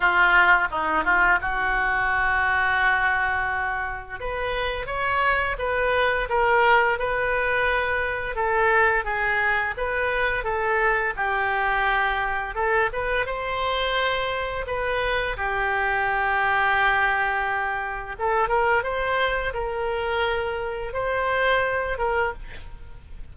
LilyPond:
\new Staff \with { instrumentName = "oboe" } { \time 4/4 \tempo 4 = 86 f'4 dis'8 f'8 fis'2~ | fis'2 b'4 cis''4 | b'4 ais'4 b'2 | a'4 gis'4 b'4 a'4 |
g'2 a'8 b'8 c''4~ | c''4 b'4 g'2~ | g'2 a'8 ais'8 c''4 | ais'2 c''4. ais'8 | }